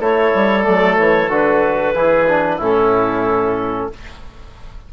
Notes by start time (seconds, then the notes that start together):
0.00 A3 E4 A4 C#5
0.35 G3
0.63 F#3 A3 D5
0.97 E3 C#5
1.29 D3 F#4 B4
1.94 E3 E4 G#4
2.28 D4
2.56 A2 C#4 E4
2.63 A4